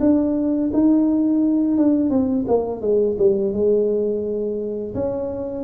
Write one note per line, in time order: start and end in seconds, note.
0.00 0.71 D4
0.73 1.77 D#4
1.77 2.10 D4
2.10 2.45 C4
2.47 2.81 A#3
2.81 3.16 G#3
3.18 3.53 G3
3.53 4.94 G#3
4.94 5.64 C#4